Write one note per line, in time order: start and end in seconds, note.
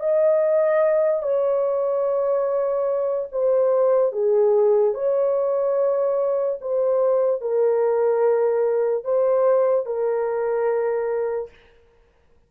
0.00 1.23 D#5
1.23 3.28 C#5
3.32 4.12 C5
4.12 4.94 G#4
4.94 6.58 C#5
6.61 7.41 C5
7.41 9.04 A#4
9.04 9.86 C5
9.86 11.50 A#4